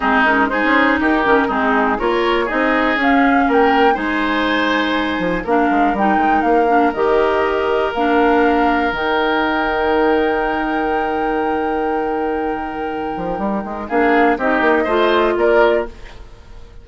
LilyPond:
<<
  \new Staff \with { instrumentName = "flute" } { \time 4/4 \tempo 4 = 121 gis'8 ais'8 c''4 ais'4 gis'4 | cis''4 dis''4 f''4 g''4 | gis''2. f''4 | g''4 f''4 dis''2 |
f''2 g''2~ | g''1~ | g''1 | f''4 dis''2 d''4 | }
  \new Staff \with { instrumentName = "oboe" } { \time 4/4 dis'4 gis'4 g'4 dis'4 | ais'4 gis'2 ais'4 | c''2. ais'4~ | ais'1~ |
ais'1~ | ais'1~ | ais'1 | gis'4 g'4 c''4 ais'4 | }
  \new Staff \with { instrumentName = "clarinet" } { \time 4/4 c'8 cis'8 dis'4. cis'8 c'4 | f'4 dis'4 cis'2 | dis'2. d'4 | dis'4. d'8 g'2 |
d'2 dis'2~ | dis'1~ | dis'1 | d'4 dis'4 f'2 | }
  \new Staff \with { instrumentName = "bassoon" } { \time 4/4 gis4~ gis16 cis'8. dis'8 dis8 gis4 | ais4 c'4 cis'4 ais4 | gis2~ gis8 f8 ais8 gis8 | g8 gis8 ais4 dis2 |
ais2 dis2~ | dis1~ | dis2~ dis8 f8 g8 gis8 | ais4 c'8 ais8 a4 ais4 | }
>>